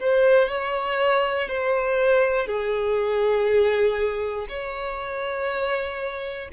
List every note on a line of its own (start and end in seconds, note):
0.00 0.49 C5
0.49 1.48 C#5
1.48 2.47 C5
2.47 4.47 G#4
4.48 6.48 C#5